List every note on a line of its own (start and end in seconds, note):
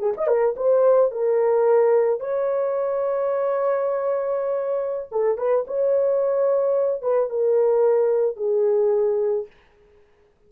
0.00 0.14 G#4
0.18 0.28 D#5
0.28 0.55 A#4
0.57 1.12 C5
1.12 2.21 A#4
2.21 5.10 C#5
5.12 5.38 A4
5.38 5.65 B4
5.67 7.03 C#5
7.03 7.30 B4
7.30 8.37 A#4
8.37 9.47 G#4